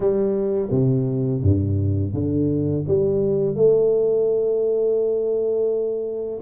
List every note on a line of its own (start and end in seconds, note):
0.00 0.69 G3
0.70 1.42 C3
1.42 2.13 G2
2.13 2.85 D3
2.87 3.55 G3
3.55 6.41 A3